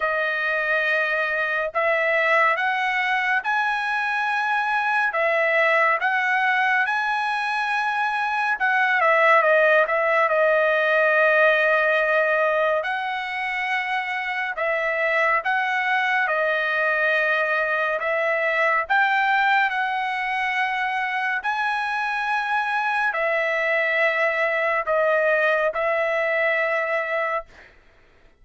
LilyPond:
\new Staff \with { instrumentName = "trumpet" } { \time 4/4 \tempo 4 = 70 dis''2 e''4 fis''4 | gis''2 e''4 fis''4 | gis''2 fis''8 e''8 dis''8 e''8 | dis''2. fis''4~ |
fis''4 e''4 fis''4 dis''4~ | dis''4 e''4 g''4 fis''4~ | fis''4 gis''2 e''4~ | e''4 dis''4 e''2 | }